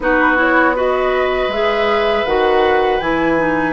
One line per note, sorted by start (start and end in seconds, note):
0.00 1.46 B3
0.00 0.36 D#4
0.00 0.75 F#4
0.00 0.38 B4
0.36 0.74 E4
0.36 0.76 C#5
0.75 1.50 F#4
0.75 3.73 B4
0.75 1.51 D#5
1.48 2.23 G#3
1.48 2.26 G#4
1.48 2.26 E5
2.25 3.00 D#3
2.25 3.00 F#4
2.25 3.00 F#5
3.00 3.73 E3
3.00 3.37 E4
3.00 3.73 G#5
3.37 3.73 D#4